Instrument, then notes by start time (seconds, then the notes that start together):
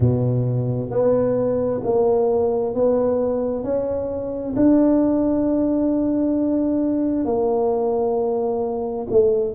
tuba
0.00 B2
0.90 B3
1.83 A#3
2.74 B3
3.63 C#4
4.55 D4
7.25 A#3
9.10 A3